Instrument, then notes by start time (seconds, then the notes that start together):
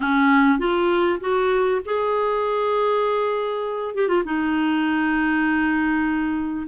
clarinet
0.00 C#4
0.58 F4
1.20 F#4
1.85 G#4
3.94 G4
4.08 F4
4.24 D#4